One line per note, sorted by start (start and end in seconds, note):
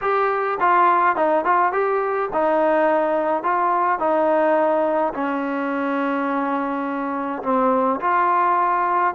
0.01 0.58 G4
0.59 1.16 F4
1.16 1.44 D#4
1.44 1.72 F4
1.72 2.29 G4
2.32 3.43 D#4
3.43 3.99 F4
3.99 5.13 D#4
5.14 7.42 C#4
7.42 7.99 C4
8.00 9.14 F4